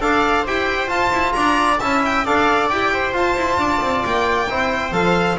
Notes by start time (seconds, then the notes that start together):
0.00 D4 A4 D5 F5
0.42 E4 G4 C5 G5
0.87 F4 A5
1.11 E4
1.32 D4 D5 A#5
1.79 C#4 E4 E5 A5
2.05 G5
2.24 D4 A4 D5 F5
2.68 E4 G4 G5
2.93 C5
3.12 F4 A5
3.36 E4
3.57 D4 D5
3.81 C4
4.05 A#3 G5
4.49 C4 E4 C5
4.92 F3 A4 F5